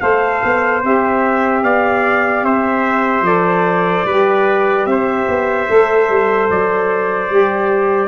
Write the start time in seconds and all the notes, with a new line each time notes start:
0.00 A3 A4 C5 F5
0.43 B3
0.83 C4 G4 E5
1.63 B3 D5 F5
2.43 C4 C5 E5
3.21 F3 A4 D5
4.05 G3 G4 B4
4.85 C4 C5 E5
5.28 B3
5.68 A3 A4
6.09 G3
6.50 F#3 D5
7.29 G3 G4